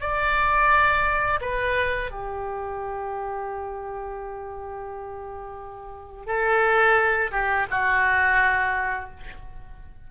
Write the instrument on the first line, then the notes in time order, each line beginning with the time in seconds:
oboe
0.00 D5
1.41 B4
2.11 G4
6.26 A4
7.31 G4
7.70 F#4